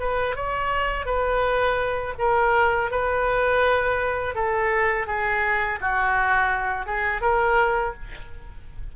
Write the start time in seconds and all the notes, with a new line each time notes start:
0.00 B4
0.36 C#5
1.06 B4
2.19 A#4
2.91 B4
4.35 A4
5.07 G#4
5.81 F#4
6.86 G#4
7.22 A#4